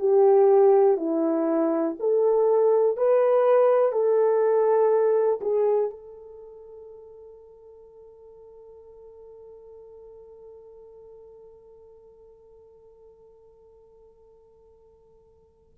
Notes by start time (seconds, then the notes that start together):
0.00 G4
0.97 E4
2.00 A4
2.97 B4
3.93 A4
5.41 G#4
5.91 A4